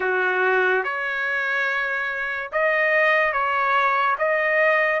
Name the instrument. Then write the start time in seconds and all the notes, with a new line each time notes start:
trumpet
0.00 F#4
0.84 C#5
2.52 D#5
3.33 C#5
4.18 D#5